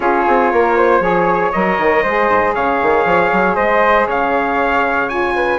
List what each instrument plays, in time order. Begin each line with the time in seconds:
0.00 bassoon C#4, saxophone F4, flute G#4, trumpet C#5
0.27 bassoon C4
0.52 bassoon A#3, flute A#4
0.76 flute C5
1.00 bassoon F3, saxophone G#4, flute C#5
1.51 bassoon F#3, saxophone A#4, trumpet D#5
1.78 bassoon D#3
2.03 bassoon G#3, saxophone G#4, flute C5
2.29 bassoon G#2
2.54 bassoon C#3, flute C#5, trumpet F5
2.82 bassoon D#3
3.05 bassoon F3
3.32 bassoon F#3
3.55 bassoon G#3, flute C5, trumpet D#5
4.06 bassoon C#3, flute C#5, trumpet F5
5.08 saxophone F4, trumpet G#5
5.35 flute B4